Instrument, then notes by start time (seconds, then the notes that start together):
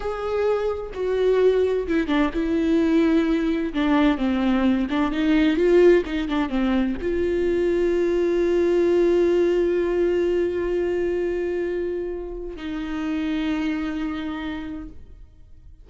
viola
0.00 G#4
0.94 F#4
1.87 E4
2.07 D4
2.33 E4
3.73 D4
4.17 C4
4.90 D4
5.11 D#4
5.56 F4
6.05 D#4
6.28 D4
6.49 C4
7.01 F4
12.56 D#4